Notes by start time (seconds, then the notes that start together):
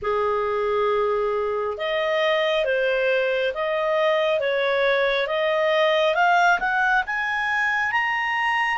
0.02 G#4
1.77 D#5
2.65 C5
3.53 D#5
4.40 C#5
5.27 D#5
6.14 F5
6.59 F#5
7.06 G#5
7.91 A#5